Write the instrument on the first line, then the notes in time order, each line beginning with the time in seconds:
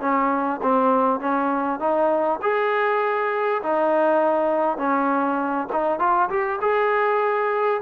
trombone
0.00 C#4
0.62 C4
1.20 C#4
1.79 D#4
2.42 G#4
3.62 D#4
4.77 C#4
5.72 D#4
5.99 F4
6.29 G4
6.61 G#4